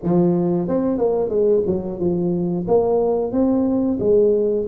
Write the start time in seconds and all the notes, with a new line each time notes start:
0.03 F3
0.68 C4
0.98 A#3
1.29 G#3
1.66 F#3
1.99 F3
2.67 A#3
3.32 C4
3.99 G#3